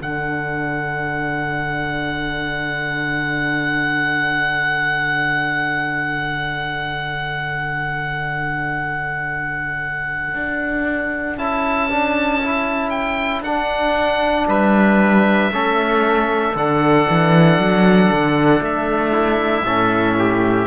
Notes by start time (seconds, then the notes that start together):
0.00 D3 D4 A4 F#5
10.35 D4
11.38 C#4 E4 A5
11.90 D4
12.43 E4
12.90 G5
13.41 D4 F#5
14.48 G3 B4 E5
15.52 A3 C#4 A4
16.56 D3 D4 F#5
17.10 E3
17.59 F#3
18.12 D3
18.61 A3 E5
19.13 E4
19.63 A2 C#4 A4
20.19 G4